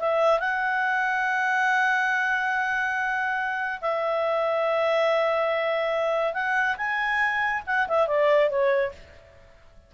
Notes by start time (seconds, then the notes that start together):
0.00 E5
0.40 F#5
3.82 E5
6.34 F#5
6.78 G#5
7.67 F#5
7.88 E5
8.07 D5
8.50 C#5